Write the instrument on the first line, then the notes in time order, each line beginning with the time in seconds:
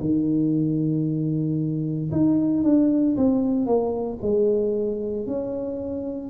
tuba
0.00 D#3
2.11 D#4
2.63 D4
3.16 C4
3.66 A#3
4.21 G#3
5.26 C#4